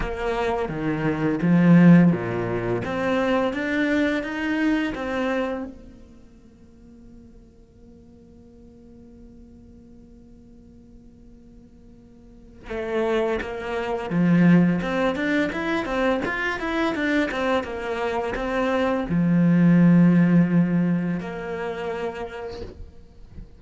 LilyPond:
\new Staff \with { instrumentName = "cello" } { \time 4/4 \tempo 4 = 85 ais4 dis4 f4 ais,4 | c'4 d'4 dis'4 c'4 | ais1~ | ais1~ |
ais2 a4 ais4 | f4 c'8 d'8 e'8 c'8 f'8 e'8 | d'8 c'8 ais4 c'4 f4~ | f2 ais2 | }